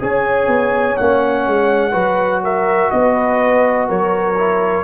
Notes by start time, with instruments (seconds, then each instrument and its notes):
0.00 tuba C#4, trombone G#4, horn C#5, trumpet G#5
0.48 tuba B3
0.97 tuba A#3, trombone C#4, trumpet F#5
1.47 tuba G#3
1.92 tuba F#3, trombone F#4, horn B4
2.44 horn A#4, trumpet E5
2.91 tuba B3, horn B4, trumpet D#5
3.88 tuba F#3, horn A#4, trumpet C#5
4.38 trombone E4